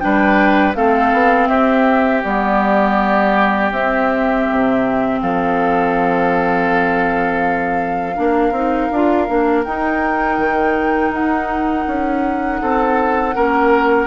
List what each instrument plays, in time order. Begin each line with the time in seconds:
0.00 bassoon G3, clarinet D4, oboe B4, flute G5
0.75 bassoon A3, clarinet C4, oboe A4, flute F5
1.13 bassoon B3
1.48 bassoon C4, oboe G4, flute E5
2.24 bassoon G3, clarinet B3, flute D5
3.72 bassoon C4, clarinet C4, flute E5
4.51 bassoon C3
5.22 bassoon F3, oboe A4, flute F5
8.16 bassoon A#3, clarinet D4, oboe A#4
8.52 bassoon C4, clarinet D#4
8.92 bassoon D4, clarinet F4
9.28 bassoon A#3, clarinet D4
9.65 bassoon D#4, clarinet D#4, flute G5
10.38 bassoon D#3
11.11 bassoon D#4, flute F#5
11.87 bassoon C#4
12.62 bassoon C4, oboe A4
13.35 bassoon A#3, clarinet C#4, oboe A#4